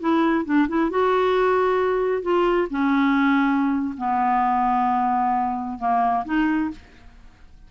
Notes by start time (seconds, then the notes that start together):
0.00 E4
0.45 D4
0.68 E4
0.90 F#4
2.23 F4
2.70 C#4
3.98 B3
5.79 A#3
6.25 D#4